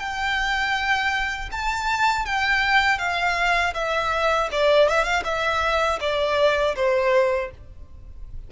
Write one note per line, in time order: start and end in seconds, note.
0.00 1.50 G5
1.52 2.26 A5
2.26 2.99 G5
2.99 3.74 F5
3.74 4.49 E5
4.52 4.89 D5
4.89 5.04 E5
5.04 5.23 F5
5.25 6.00 E5
6.01 6.76 D5
6.76 7.51 C5